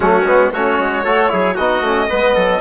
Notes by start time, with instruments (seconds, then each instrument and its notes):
0.00 bassoon F#3, trombone A3, trumpet C#4, violin F#4
0.24 bassoon G#3, trombone B3
0.52 bassoon A3, trombone C#4, trumpet F#4, violin C#5
0.78 bassoon G#3
1.04 bassoon A3, trombone F#4, trumpet A4
1.28 bassoon F#3, trombone E4, trumpet G#4
1.54 bassoon B3, trombone D#4, trumpet F#4, violin D#5
1.81 bassoon A3, trombone C#4
2.09 bassoon G#3, trombone B3, trumpet B4
2.34 bassoon F#3, trumpet A4